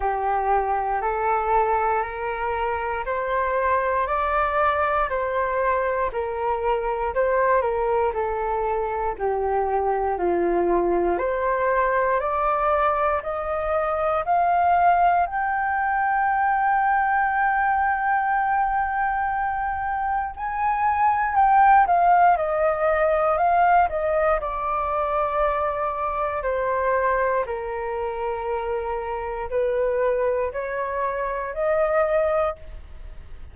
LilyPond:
\new Staff \with { instrumentName = "flute" } { \time 4/4 \tempo 4 = 59 g'4 a'4 ais'4 c''4 | d''4 c''4 ais'4 c''8 ais'8 | a'4 g'4 f'4 c''4 | d''4 dis''4 f''4 g''4~ |
g''1 | gis''4 g''8 f''8 dis''4 f''8 dis''8 | d''2 c''4 ais'4~ | ais'4 b'4 cis''4 dis''4 | }